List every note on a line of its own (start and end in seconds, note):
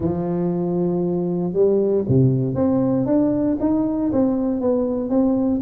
0.00 1.53 F3
1.53 2.04 G3
2.08 2.55 C3
2.55 3.06 C4
3.06 3.57 D4
3.60 4.11 D#4
4.12 4.60 C4
4.60 5.09 B3
5.09 5.60 C4